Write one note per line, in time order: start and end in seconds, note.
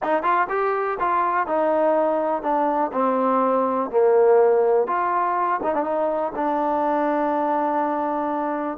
0.02 0.22 D#4
0.22 0.47 F4
0.49 0.98 G4
0.99 1.46 F4
1.46 2.42 D#4
2.42 2.91 D4
2.92 3.90 C4
3.90 4.87 A#3
4.87 5.60 F4
5.63 5.74 D#4
5.74 5.83 D4
5.83 6.32 D#4
6.35 8.78 D4